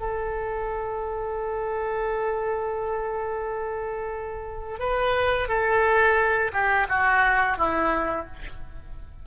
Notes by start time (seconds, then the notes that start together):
0.00 A4
4.80 B4
5.49 A4
6.53 G4
6.89 F#4
7.58 E4